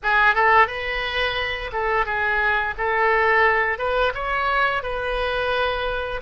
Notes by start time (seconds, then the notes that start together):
0.03 G#4
0.34 A4
0.67 B4
1.72 A4
2.05 G#4
2.77 A4
3.78 B4
4.14 C#5
4.82 B4